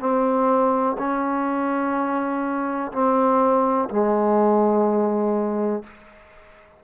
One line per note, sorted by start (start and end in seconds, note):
0.00 0.97 C4
0.99 2.92 C#4
2.93 3.89 C4
3.90 5.84 G#3